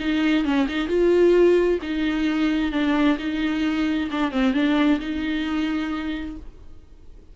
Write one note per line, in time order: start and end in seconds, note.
0.00 0.45 D#4
0.45 0.67 C#4
0.68 0.88 D#4
0.88 1.79 F4
1.83 2.72 D#4
2.72 3.18 D4
3.19 4.10 D#4
4.11 4.31 D4
4.31 4.54 C4
4.54 5.00 D4
5.00 6.36 D#4